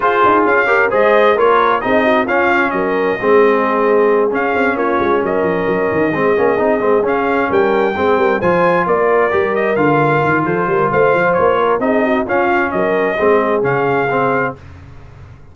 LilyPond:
<<
  \new Staff \with { instrumentName = "trumpet" } { \time 4/4 \tempo 4 = 132 c''4 f''4 dis''4 cis''4 | dis''4 f''4 dis''2~ | dis''4. f''4 cis''4 dis''8~ | dis''2.~ dis''8 f''8~ |
f''8 g''2 gis''4 d''8~ | d''4 dis''8 f''4. c''4 | f''4 cis''4 dis''4 f''4 | dis''2 f''2 | }
  \new Staff \with { instrumentName = "horn" } { \time 4/4 gis'4. ais'8 c''4 ais'4 | gis'8 fis'8 f'4 ais'4 gis'4~ | gis'2~ gis'8 f'4 ais'8~ | ais'4. gis'2~ gis'8~ |
gis'8 ais'4 gis'8 ais'8 c''4 ais'8~ | ais'2. a'8 ais'8 | c''4. ais'8 gis'8 fis'8 f'4 | ais'4 gis'2. | }
  \new Staff \with { instrumentName = "trombone" } { \time 4/4 f'4. g'8 gis'4 f'4 | dis'4 cis'2 c'4~ | c'4. cis'2~ cis'8~ | cis'4. c'8 cis'8 dis'8 c'8 cis'8~ |
cis'4. c'4 f'4.~ | f'8 g'4 f'2~ f'8~ | f'2 dis'4 cis'4~ | cis'4 c'4 cis'4 c'4 | }
  \new Staff \with { instrumentName = "tuba" } { \time 4/4 f'8 dis'8 cis'4 gis4 ais4 | c'4 cis'4 fis4 gis4~ | gis4. cis'8 c'8 ais8 gis8 fis8 | f8 fis8 dis8 gis8 ais8 c'8 gis8 cis'8~ |
cis'8 g4 gis8 g8 f4 ais8~ | ais8 g4 d4 dis8 f8 g8 | a8 f8 ais4 c'4 cis'4 | fis4 gis4 cis2 | }
>>